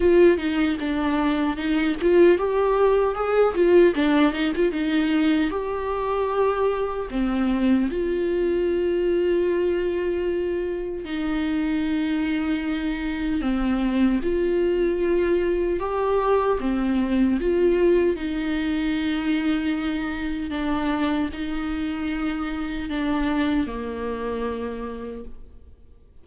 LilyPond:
\new Staff \with { instrumentName = "viola" } { \time 4/4 \tempo 4 = 76 f'8 dis'8 d'4 dis'8 f'8 g'4 | gis'8 f'8 d'8 dis'16 f'16 dis'4 g'4~ | g'4 c'4 f'2~ | f'2 dis'2~ |
dis'4 c'4 f'2 | g'4 c'4 f'4 dis'4~ | dis'2 d'4 dis'4~ | dis'4 d'4 ais2 | }